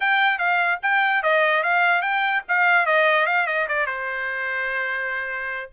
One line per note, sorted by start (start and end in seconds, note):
0.00 0.38 G5
0.38 0.79 F5
0.82 1.22 G5
1.22 1.63 D#5
1.63 2.01 F5
2.01 2.42 G5
2.48 2.86 F5
2.86 3.26 D#5
3.26 3.46 F5
3.46 3.67 D#5
3.68 3.86 D5
3.86 5.70 C5